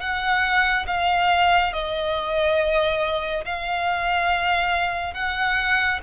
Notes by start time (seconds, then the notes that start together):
0.00 F#5
0.87 F5
1.73 D#5
3.45 F5
5.14 F#5